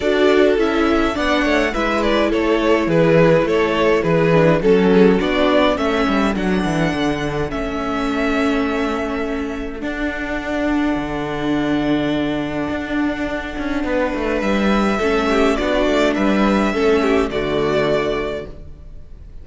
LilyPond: <<
  \new Staff \with { instrumentName = "violin" } { \time 4/4 \tempo 4 = 104 d''4 e''4 fis''4 e''8 d''8 | cis''4 b'4 cis''4 b'4 | a'4 d''4 e''4 fis''4~ | fis''4 e''2.~ |
e''4 fis''2.~ | fis''1~ | fis''4 e''2 d''4 | e''2 d''2 | }
  \new Staff \with { instrumentName = "violin" } { \time 4/4 a'2 d''8 cis''8 b'4 | a'4 gis'4 a'4 gis'4 | a'8 gis'8 fis'4 a'2~ | a'1~ |
a'1~ | a'1 | b'2 a'8 g'8 fis'4 | b'4 a'8 g'8 fis'2 | }
  \new Staff \with { instrumentName = "viola" } { \time 4/4 fis'4 e'4 d'4 e'4~ | e'2.~ e'8 d'8 | cis'4 d'4 cis'4 d'4~ | d'4 cis'2.~ |
cis'4 d'2.~ | d'1~ | d'2 cis'4 d'4~ | d'4 cis'4 a2 | }
  \new Staff \with { instrumentName = "cello" } { \time 4/4 d'4 cis'4 b8 a8 gis4 | a4 e4 a4 e4 | fis4 b4 a8 g8 fis8 e8 | d4 a2.~ |
a4 d'2 d4~ | d2 d'4. cis'8 | b8 a8 g4 a4 b8 a8 | g4 a4 d2 | }
>>